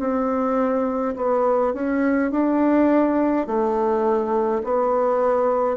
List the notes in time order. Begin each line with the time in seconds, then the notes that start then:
0.00 C4
1.16 B3
1.74 C#4
2.31 D4
3.47 A3
4.64 B3